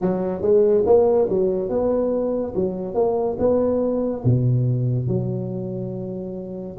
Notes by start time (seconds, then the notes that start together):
0.01 F#3
0.41 G#3
0.86 A#3
1.29 F#3
1.69 B3
2.55 F#3
2.94 A#3
3.38 B3
4.24 B2
5.07 F#3